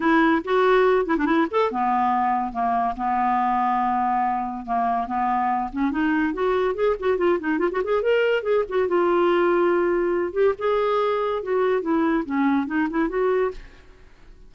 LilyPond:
\new Staff \with { instrumentName = "clarinet" } { \time 4/4 \tempo 4 = 142 e'4 fis'4. e'16 d'16 e'8 a'8 | b2 ais4 b4~ | b2. ais4 | b4. cis'8 dis'4 fis'4 |
gis'8 fis'8 f'8 dis'8 f'16 fis'16 gis'8 ais'4 | gis'8 fis'8 f'2.~ | f'8 g'8 gis'2 fis'4 | e'4 cis'4 dis'8 e'8 fis'4 | }